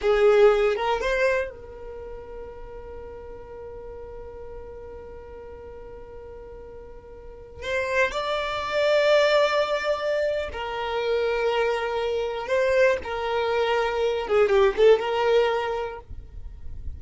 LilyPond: \new Staff \with { instrumentName = "violin" } { \time 4/4 \tempo 4 = 120 gis'4. ais'8 c''4 ais'4~ | ais'1~ | ais'1~ | ais'2.~ ais'16 c''8.~ |
c''16 d''2.~ d''8.~ | d''4 ais'2.~ | ais'4 c''4 ais'2~ | ais'8 gis'8 g'8 a'8 ais'2 | }